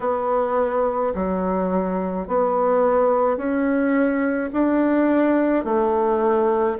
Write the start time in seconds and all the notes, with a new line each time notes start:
0.00 B3
1.14 F#3
2.27 B3
3.37 C#4
4.53 D4
5.64 A3